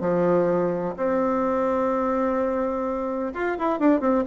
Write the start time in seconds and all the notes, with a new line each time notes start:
0.00 F3
0.96 C4
3.34 F4
3.58 E4
3.79 D4
4.00 C4